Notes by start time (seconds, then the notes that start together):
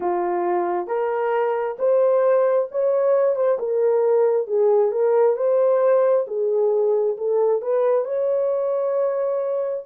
0.00 F4
0.87 A#4
1.78 C5
2.71 C#5
3.35 C5
3.58 A#4
4.47 G#4
4.91 A#4
5.36 C5
6.27 G#4
7.17 A4
7.61 B4
8.04 C#5